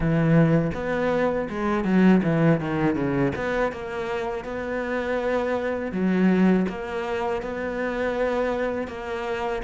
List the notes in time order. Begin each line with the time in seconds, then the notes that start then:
0.00 E3
0.74 B3
1.49 G#3
1.84 F#3
2.23 E3
2.60 D#3
2.95 C#3
3.35 B3
3.71 A#3
4.44 B3
5.92 F#3
6.68 A#3
7.42 B3
8.87 A#3